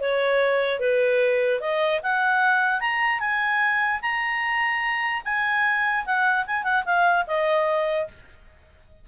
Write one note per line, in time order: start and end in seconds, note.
0.00 0.79 C#5
0.79 1.60 B4
1.60 2.00 D#5
2.02 2.80 F#5
2.80 3.19 A#5
3.19 4.00 G#5
4.01 5.22 A#5
5.24 6.05 G#5
6.05 6.45 F#5
6.46 6.63 G#5
6.63 6.83 F#5
6.85 7.25 F5
7.26 8.07 D#5